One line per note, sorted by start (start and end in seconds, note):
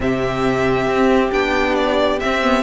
0.00 0.86 C3
0.00 1.31 C4
0.00 2.63 G4
0.00 1.32 E5
0.86 1.30 C4
1.31 2.20 B3
1.31 2.20 D4
1.31 1.75 G5
1.75 2.19 D5
2.19 2.42 C4
2.19 2.63 C4
2.19 2.63 E5
2.42 2.63 B3